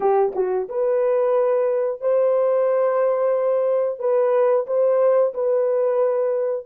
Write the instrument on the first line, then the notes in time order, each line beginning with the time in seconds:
horn
0.00 G4
0.35 F#4
0.68 B4
2.00 C5
3.99 B4
4.66 C5
5.34 B4